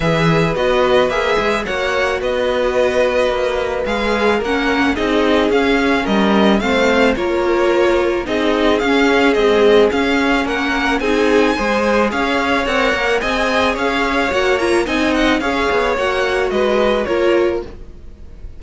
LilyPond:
<<
  \new Staff \with { instrumentName = "violin" } { \time 4/4 \tempo 4 = 109 e''4 dis''4 e''4 fis''4 | dis''2. f''4 | fis''4 dis''4 f''4 dis''4 | f''4 cis''2 dis''4 |
f''4 dis''4 f''4 fis''4 | gis''2 f''4 fis''4 | gis''4 f''4 fis''8 ais''8 gis''8 fis''8 | f''4 fis''4 dis''4 cis''4 | }
  \new Staff \with { instrumentName = "violin" } { \time 4/4 b'2. cis''4 | b'1 | ais'4 gis'2 ais'4 | c''4 ais'2 gis'4~ |
gis'2. ais'4 | gis'4 c''4 cis''2 | dis''4 cis''2 dis''4 | cis''2 b'4 ais'4 | }
  \new Staff \with { instrumentName = "viola" } { \time 4/4 gis'4 fis'4 gis'4 fis'4~ | fis'2. gis'4 | cis'4 dis'4 cis'2 | c'4 f'2 dis'4 |
cis'4 gis4 cis'2 | dis'4 gis'2 ais'4 | gis'2 fis'8 f'8 dis'4 | gis'4 fis'2 f'4 | }
  \new Staff \with { instrumentName = "cello" } { \time 4/4 e4 b4 ais8 gis8 ais4 | b2 ais4 gis4 | ais4 c'4 cis'4 g4 | a4 ais2 c'4 |
cis'4 c'4 cis'4 ais4 | c'4 gis4 cis'4 c'8 ais8 | c'4 cis'4 ais4 c'4 | cis'8 b8 ais4 gis4 ais4 | }
>>